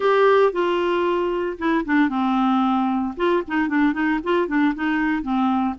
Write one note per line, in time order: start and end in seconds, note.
0.00 0.52 G4
0.52 1.57 F4
1.58 1.84 E4
1.85 2.09 D4
2.09 3.14 C4
3.16 3.43 F4
3.47 3.68 D#4
3.68 3.93 D4
3.93 4.19 D#4
4.23 4.47 F4
4.47 4.73 D4
4.75 5.22 D#4
5.22 5.75 C4